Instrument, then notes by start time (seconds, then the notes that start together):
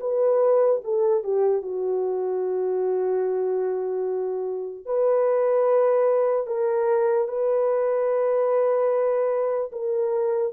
horn
0.00 B4
0.84 A4
1.23 G4
1.62 F#4
4.86 B4
6.47 A#4
7.28 B4
9.72 A#4